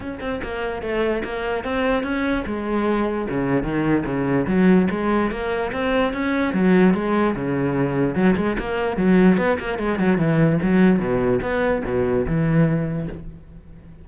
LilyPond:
\new Staff \with { instrumentName = "cello" } { \time 4/4 \tempo 4 = 147 cis'8 c'8 ais4 a4 ais4 | c'4 cis'4 gis2 | cis4 dis4 cis4 fis4 | gis4 ais4 c'4 cis'4 |
fis4 gis4 cis2 | fis8 gis8 ais4 fis4 b8 ais8 | gis8 fis8 e4 fis4 b,4 | b4 b,4 e2 | }